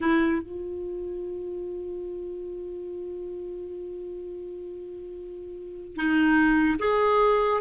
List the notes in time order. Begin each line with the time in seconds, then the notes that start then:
0.01 E4
0.42 F4
5.96 D#4
6.79 G#4